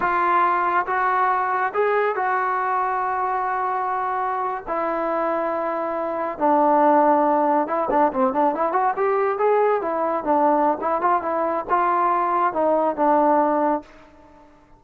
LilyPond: \new Staff \with { instrumentName = "trombone" } { \time 4/4 \tempo 4 = 139 f'2 fis'2 | gis'4 fis'2.~ | fis'2~ fis'8. e'4~ e'16~ | e'2~ e'8. d'4~ d'16~ |
d'4.~ d'16 e'8 d'8 c'8 d'8 e'16~ | e'16 fis'8 g'4 gis'4 e'4 d'16~ | d'4 e'8 f'8 e'4 f'4~ | f'4 dis'4 d'2 | }